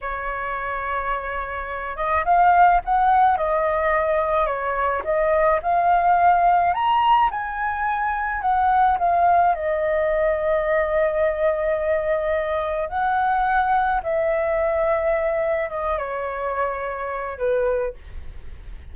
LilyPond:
\new Staff \with { instrumentName = "flute" } { \time 4/4 \tempo 4 = 107 cis''2.~ cis''8 dis''8 | f''4 fis''4 dis''2 | cis''4 dis''4 f''2 | ais''4 gis''2 fis''4 |
f''4 dis''2.~ | dis''2. fis''4~ | fis''4 e''2. | dis''8 cis''2~ cis''8 b'4 | }